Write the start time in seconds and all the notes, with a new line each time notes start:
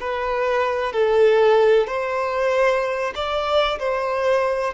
0.00 B4
0.92 A4
1.87 C5
3.15 D5
3.79 C5